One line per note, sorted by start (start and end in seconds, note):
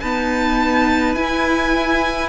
0.00 1.15 B3
0.00 1.15 D#4
0.00 2.29 B4
0.00 1.15 A5
1.15 2.29 E4
1.15 2.29 G#5